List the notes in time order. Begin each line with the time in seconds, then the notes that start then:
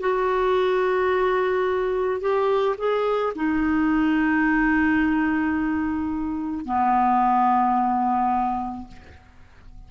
0.00 F#4
2.20 G4
2.78 G#4
3.35 D#4
6.65 B3